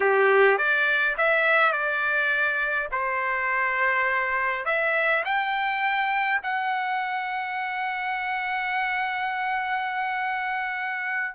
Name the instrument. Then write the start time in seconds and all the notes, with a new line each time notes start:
trumpet
0.00 G4
0.57 D5
1.17 E5
1.72 D5
2.91 C5
4.65 E5
5.24 G5
6.43 F#5